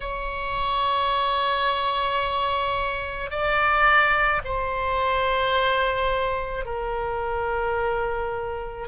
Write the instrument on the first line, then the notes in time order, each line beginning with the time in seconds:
oboe
0.00 C#5
3.30 D5
4.44 C5
6.65 A#4